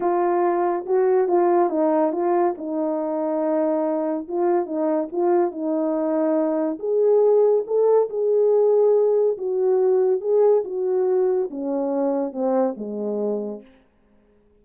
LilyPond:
\new Staff \with { instrumentName = "horn" } { \time 4/4 \tempo 4 = 141 f'2 fis'4 f'4 | dis'4 f'4 dis'2~ | dis'2 f'4 dis'4 | f'4 dis'2. |
gis'2 a'4 gis'4~ | gis'2 fis'2 | gis'4 fis'2 cis'4~ | cis'4 c'4 gis2 | }